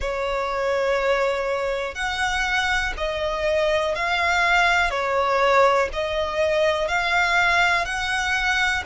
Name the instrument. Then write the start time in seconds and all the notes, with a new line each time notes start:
violin
0.00 C#5
1.94 F#5
2.97 D#5
3.95 F5
4.90 C#5
5.92 D#5
6.88 F5
7.85 F#5